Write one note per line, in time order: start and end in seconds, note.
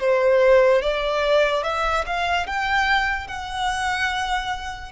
0.00 0.82 C5
0.82 1.64 D5
1.64 2.05 E5
2.07 2.47 F5
2.47 3.28 G5
3.28 4.92 F#5